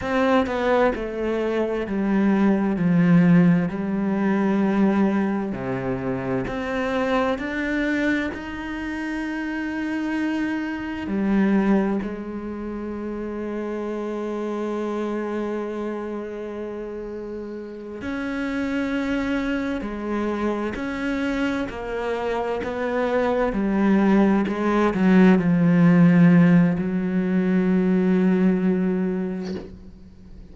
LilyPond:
\new Staff \with { instrumentName = "cello" } { \time 4/4 \tempo 4 = 65 c'8 b8 a4 g4 f4 | g2 c4 c'4 | d'4 dis'2. | g4 gis2.~ |
gis2.~ gis8 cis'8~ | cis'4. gis4 cis'4 ais8~ | ais8 b4 g4 gis8 fis8 f8~ | f4 fis2. | }